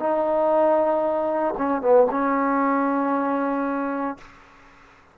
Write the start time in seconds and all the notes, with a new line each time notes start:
0.00 D#4
1.58 C#4
1.82 B3
2.11 C#4